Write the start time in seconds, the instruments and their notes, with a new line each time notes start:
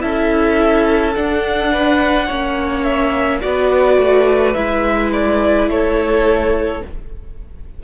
0.00 cello C#4, viola E4, violin A4 E5
1.14 viola D4, cello D4, violin F#5
1.72 violin B4
2.27 cello A#3, viola C#4, violin C#5
2.83 violin E5
3.41 cello B3, viola F#4, violin D5
3.47 violin B4
3.98 cello A3
4.54 cello G#3, viola E4, violin E5
5.12 violin D5
5.69 cello A3, violin A4 C#5